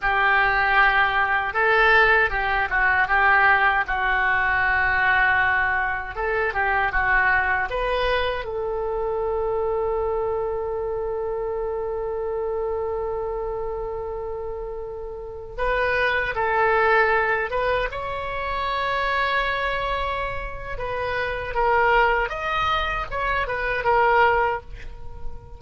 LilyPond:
\new Staff \with { instrumentName = "oboe" } { \time 4/4 \tempo 4 = 78 g'2 a'4 g'8 fis'8 | g'4 fis'2. | a'8 g'8 fis'4 b'4 a'4~ | a'1~ |
a'1~ | a'16 b'4 a'4. b'8 cis''8.~ | cis''2. b'4 | ais'4 dis''4 cis''8 b'8 ais'4 | }